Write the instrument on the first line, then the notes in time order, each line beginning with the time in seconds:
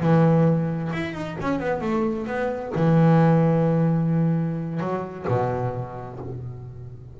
double bass
0.00 E3
0.93 E4
1.13 D#4
1.41 C#4
1.59 B3
1.81 A3
2.27 B3
2.75 E3
4.80 F#3
5.28 B2